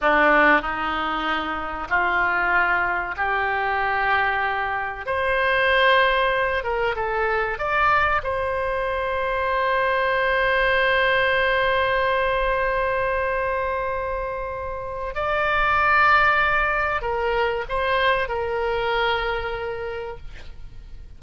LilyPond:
\new Staff \with { instrumentName = "oboe" } { \time 4/4 \tempo 4 = 95 d'4 dis'2 f'4~ | f'4 g'2. | c''2~ c''8 ais'8 a'4 | d''4 c''2.~ |
c''1~ | c''1 | d''2. ais'4 | c''4 ais'2. | }